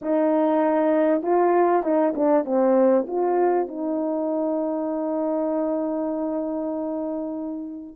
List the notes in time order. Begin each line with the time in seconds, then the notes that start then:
0.01 D#4
1.22 F4
1.83 D#4
2.15 D4
2.44 C4
3.07 F4
3.68 D#4